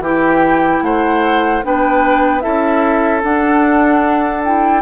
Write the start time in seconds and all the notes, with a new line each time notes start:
0.00 E3 E4 G4
0.07 G5
0.83 A3 C5 F#5
1.64 B3 D4 B4 G5
2.41 C#4 E4 A4 E5
3.23 D4 F#5
4.45 E4 G5